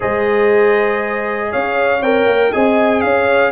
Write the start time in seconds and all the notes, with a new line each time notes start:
0.00 G#3 G#4 C5 D#5
1.50 C#4 C#5 F5
2.01 C4 A#4 G5
2.26 A#3
2.51 C4 G#4 D#5 G#5
3.01 C#4 C#5 F5